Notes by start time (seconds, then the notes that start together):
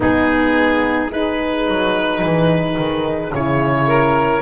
0.00 G#3 B3 D#4 G#4
1.09 D#4 G#4 B4
1.67 F#3
2.21 E3
2.77 D#3
3.34 C#3 E4 C#5
3.87 A#4